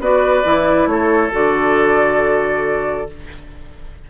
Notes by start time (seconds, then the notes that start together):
0.00 B3 F#4 B4 D5
0.45 E3 E4
0.86 A3 A4 C#5
1.32 D3 F#4 D5